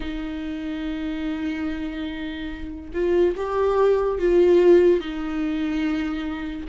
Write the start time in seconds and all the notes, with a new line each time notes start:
0.00 D#4
2.93 F4
3.36 G4
4.18 F4
5.00 D#4